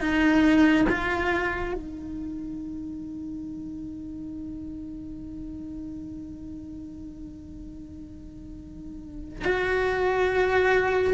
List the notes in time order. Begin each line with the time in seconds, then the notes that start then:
0.00 D#4
0.89 F4
1.73 D#4
9.44 F#4